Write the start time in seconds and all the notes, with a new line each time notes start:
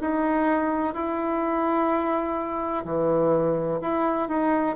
0.00 D#4
0.94 E4
2.84 E3
3.81 E4
4.28 D#4